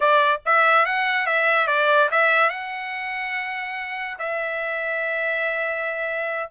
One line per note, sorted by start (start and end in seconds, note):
0.00 0.41 D5
0.45 0.85 E5
0.85 1.26 F#5
1.26 1.67 E5
1.67 2.09 D5
2.11 2.49 E5
2.49 4.17 F#5
4.18 6.49 E5